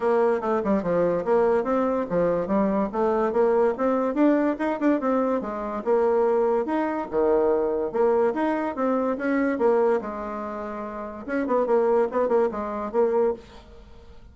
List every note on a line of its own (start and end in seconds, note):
0.00 0.40 A#3
0.41 0.61 A3
0.64 0.82 G3
0.82 1.24 F3
1.24 1.63 A#3
1.63 2.05 C4
2.09 2.47 F3
2.47 2.88 G3
2.92 3.32 A3
3.32 3.74 A#3
3.77 4.14 C4
4.14 4.56 D4
4.58 4.79 D#4
4.79 5.00 D4
5.00 5.41 C4
5.41 5.82 G#3
5.84 6.65 A#3
6.65 7.07 D#4
7.10 7.92 D#3
7.92 8.33 A#3
8.34 8.75 D#4
8.75 9.17 C4
9.17 9.58 C#4
9.58 10.00 A#3
10.01 11.26 G#3
11.26 11.46 C#4
11.46 11.66 B3
11.66 12.08 A#3
12.11 12.28 B3
12.28 12.49 A#3
12.51 12.92 G#3
12.92 13.33 A#3